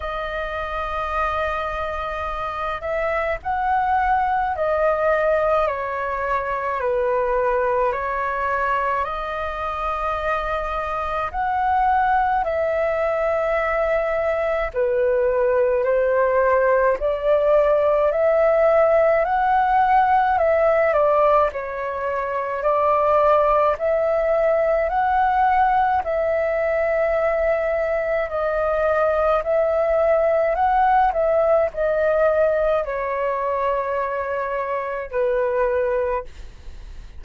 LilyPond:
\new Staff \with { instrumentName = "flute" } { \time 4/4 \tempo 4 = 53 dis''2~ dis''8 e''8 fis''4 | dis''4 cis''4 b'4 cis''4 | dis''2 fis''4 e''4~ | e''4 b'4 c''4 d''4 |
e''4 fis''4 e''8 d''8 cis''4 | d''4 e''4 fis''4 e''4~ | e''4 dis''4 e''4 fis''8 e''8 | dis''4 cis''2 b'4 | }